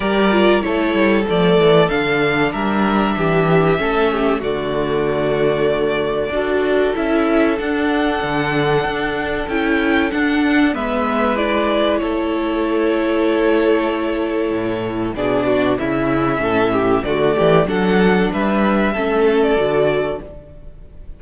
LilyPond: <<
  \new Staff \with { instrumentName = "violin" } { \time 4/4 \tempo 4 = 95 d''4 cis''4 d''4 f''4 | e''2. d''4~ | d''2. e''4 | fis''2. g''4 |
fis''4 e''4 d''4 cis''4~ | cis''1 | d''4 e''2 d''4 | fis''4 e''4.~ e''16 d''4~ d''16 | }
  \new Staff \with { instrumentName = "violin" } { \time 4/4 ais'4 a'2. | ais'4 g'4 a'8 g'8 fis'4~ | fis'2 a'2~ | a'1~ |
a'4 b'2 a'4~ | a'1 | gis'8 fis'8 e'4 a'8 g'8 fis'8 g'8 | a'4 b'4 a'2 | }
  \new Staff \with { instrumentName = "viola" } { \time 4/4 g'8 f'8 e'4 a4 d'4~ | d'2 cis'4 a4~ | a2 fis'4 e'4 | d'2. e'4 |
d'4 b4 e'2~ | e'1 | d'4 cis'2 a4 | d'2 cis'4 fis'4 | }
  \new Staff \with { instrumentName = "cello" } { \time 4/4 g4 a8 g8 f8 e8 d4 | g4 e4 a4 d4~ | d2 d'4 cis'4 | d'4 d4 d'4 cis'4 |
d'4 gis2 a4~ | a2. a,4 | b,4 cis4 a,4 d8 e8 | fis4 g4 a4 d4 | }
>>